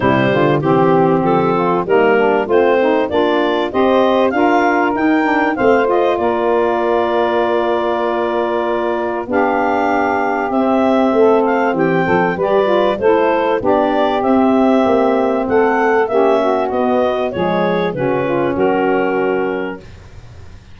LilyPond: <<
  \new Staff \with { instrumentName = "clarinet" } { \time 4/4 \tempo 4 = 97 c''4 g'4 a'4 ais'4 | c''4 d''4 dis''4 f''4 | g''4 f''8 dis''8 d''2~ | d''2. f''4~ |
f''4 e''4. f''8 g''4 | d''4 c''4 d''4 e''4~ | e''4 fis''4 e''4 dis''4 | cis''4 b'4 ais'2 | }
  \new Staff \with { instrumentName = "saxophone" } { \time 4/4 e'8 f'8 g'4. f'8 dis'8 d'8 | c'4 f'4 c''4 ais'4~ | ais'4 c''4 ais'2~ | ais'2. g'4~ |
g'2 a'4 g'8 a'8 | b'4 a'4 g'2~ | g'4 a'4 g'8 fis'4. | gis'4 fis'8 f'8 fis'2 | }
  \new Staff \with { instrumentName = "saxophone" } { \time 4/4 g4 c'2 ais4 | f'8 dis'8 d'4 g'4 f'4 | dis'8 d'8 c'8 f'2~ f'8~ | f'2. d'4~ |
d'4 c'2. | g'8 f'8 e'4 d'4 c'4~ | c'2 cis'4 b4 | gis4 cis'2. | }
  \new Staff \with { instrumentName = "tuba" } { \time 4/4 c8 d8 e4 f4 g4 | a4 ais4 c'4 d'4 | dis'4 a4 ais2~ | ais2. b4~ |
b4 c'4 a4 e8 f8 | g4 a4 b4 c'4 | ais4 a4 ais4 b4 | f4 cis4 fis2 | }
>>